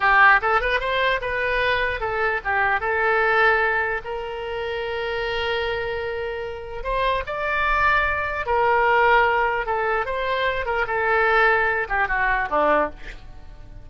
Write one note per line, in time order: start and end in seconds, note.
0.00 0.40 G4
0.41 0.60 A4
0.60 0.80 B4
0.80 1.20 C5
1.21 2.00 B4
2.00 2.40 A4
2.44 2.80 G4
2.80 4.01 A4
4.04 6.83 A#4
6.83 7.23 C5
7.26 8.46 D5
8.46 9.66 A#4
9.66 10.05 A4
10.05 10.65 C5
10.65 10.85 A#4
10.87 11.87 A4
11.88 12.08 G4
12.08 12.48 F#4
12.49 12.90 D4